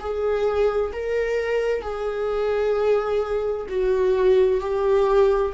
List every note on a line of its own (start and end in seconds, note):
0.00 0.92 G#4
0.93 1.83 A#4
1.83 3.67 G#4
3.69 4.61 F#4
4.61 5.53 G4